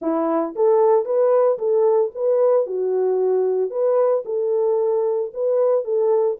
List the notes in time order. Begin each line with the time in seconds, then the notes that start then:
0.01 E4
0.55 A4
1.05 B4
1.58 A4
2.14 B4
2.66 F#4
3.70 B4
4.25 A4
5.33 B4
5.84 A4